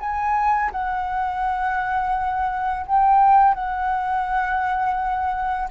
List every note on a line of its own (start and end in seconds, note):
0.00 0.71 G#5
0.72 2.86 F#5
2.87 3.55 G5
3.55 5.69 F#5